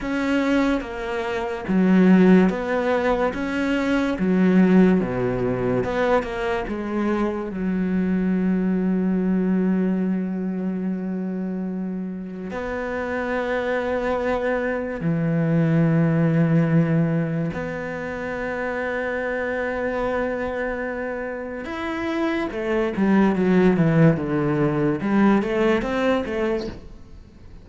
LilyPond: \new Staff \with { instrumentName = "cello" } { \time 4/4 \tempo 4 = 72 cis'4 ais4 fis4 b4 | cis'4 fis4 b,4 b8 ais8 | gis4 fis2.~ | fis2. b4~ |
b2 e2~ | e4 b2.~ | b2 e'4 a8 g8 | fis8 e8 d4 g8 a8 c'8 a8 | }